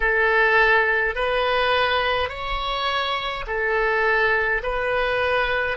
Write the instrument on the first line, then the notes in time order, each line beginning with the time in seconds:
oboe
0.00 A4
1.15 B4
2.29 C#5
3.46 A4
4.62 B4